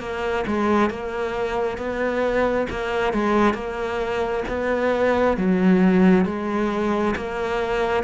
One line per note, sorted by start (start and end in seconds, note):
0.00 0.45 A#3
0.47 0.90 G#3
0.90 1.78 A#3
1.78 2.67 B3
2.70 3.13 A#3
3.13 3.55 G#3
3.55 4.44 A#3
4.48 5.38 B3
5.38 6.26 F#3
6.26 7.15 G#3
7.16 8.04 A#3